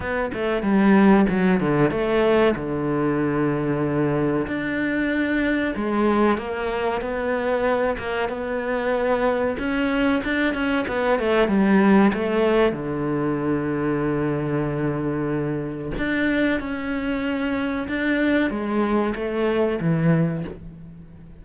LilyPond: \new Staff \with { instrumentName = "cello" } { \time 4/4 \tempo 4 = 94 b8 a8 g4 fis8 d8 a4 | d2. d'4~ | d'4 gis4 ais4 b4~ | b8 ais8 b2 cis'4 |
d'8 cis'8 b8 a8 g4 a4 | d1~ | d4 d'4 cis'2 | d'4 gis4 a4 e4 | }